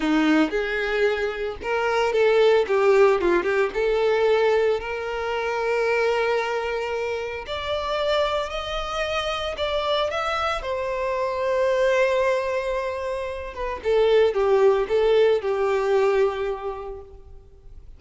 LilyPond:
\new Staff \with { instrumentName = "violin" } { \time 4/4 \tempo 4 = 113 dis'4 gis'2 ais'4 | a'4 g'4 f'8 g'8 a'4~ | a'4 ais'2.~ | ais'2 d''2 |
dis''2 d''4 e''4 | c''1~ | c''4. b'8 a'4 g'4 | a'4 g'2. | }